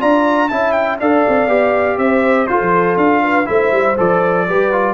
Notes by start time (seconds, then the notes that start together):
0.00 D4 F4 D5 A#5
0.49 C#4 E4 E5 A5
0.72 G5
1.00 D4 A4 D5 F5
1.28 C4
1.48 B3 G4
1.98 C4 C5 E5
2.47 F4 A4 C5
2.61 F3
2.97 D4 F5
3.23 B4
3.45 A3 E4 C5 E5
3.72 G3
3.97 F3 A4 D5
4.48 G3 G4 B4
4.72 F4